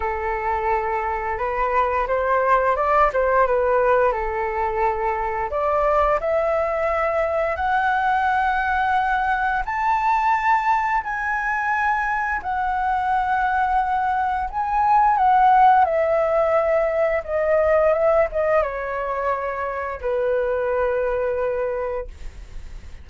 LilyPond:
\new Staff \with { instrumentName = "flute" } { \time 4/4 \tempo 4 = 87 a'2 b'4 c''4 | d''8 c''8 b'4 a'2 | d''4 e''2 fis''4~ | fis''2 a''2 |
gis''2 fis''2~ | fis''4 gis''4 fis''4 e''4~ | e''4 dis''4 e''8 dis''8 cis''4~ | cis''4 b'2. | }